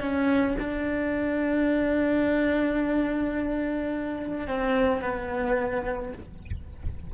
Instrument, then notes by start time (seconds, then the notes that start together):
cello
0.00 C#4
0.59 D4
4.47 C4
5.02 B3